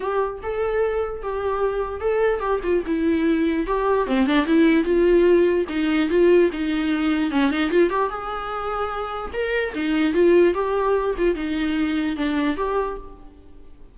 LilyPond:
\new Staff \with { instrumentName = "viola" } { \time 4/4 \tempo 4 = 148 g'4 a'2 g'4~ | g'4 a'4 g'8 f'8 e'4~ | e'4 g'4 c'8 d'8 e'4 | f'2 dis'4 f'4 |
dis'2 cis'8 dis'8 f'8 g'8 | gis'2. ais'4 | dis'4 f'4 g'4. f'8 | dis'2 d'4 g'4 | }